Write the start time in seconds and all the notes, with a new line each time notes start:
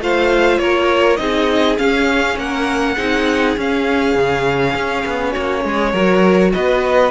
0.00 A3 F4 C5 F5
0.58 A#3 A#4 C#5
1.17 C4 D#4 G#4 D#5
1.77 C#4 F5
2.37 A#3 A#4 F#5
2.95 C4 D#4 G#4
3.57 C#4 F5
4.15 C#3
4.74 C#4
5.05 B3
5.32 A#3 F#4 C#5
5.64 G#3 G#4
5.92 F#3 F#4 A#4
6.53 B3 B4 D#5